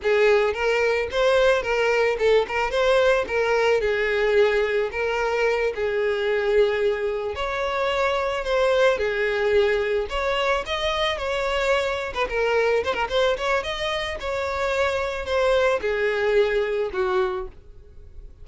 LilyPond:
\new Staff \with { instrumentName = "violin" } { \time 4/4 \tempo 4 = 110 gis'4 ais'4 c''4 ais'4 | a'8 ais'8 c''4 ais'4 gis'4~ | gis'4 ais'4. gis'4.~ | gis'4. cis''2 c''8~ |
c''8 gis'2 cis''4 dis''8~ | dis''8 cis''4.~ cis''16 b'16 ais'4 c''16 ais'16 | c''8 cis''8 dis''4 cis''2 | c''4 gis'2 fis'4 | }